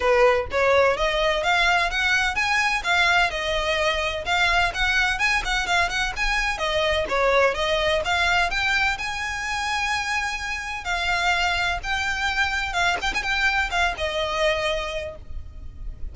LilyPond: \new Staff \with { instrumentName = "violin" } { \time 4/4 \tempo 4 = 127 b'4 cis''4 dis''4 f''4 | fis''4 gis''4 f''4 dis''4~ | dis''4 f''4 fis''4 gis''8 fis''8 | f''8 fis''8 gis''4 dis''4 cis''4 |
dis''4 f''4 g''4 gis''4~ | gis''2. f''4~ | f''4 g''2 f''8 g''16 gis''16 | g''4 f''8 dis''2~ dis''8 | }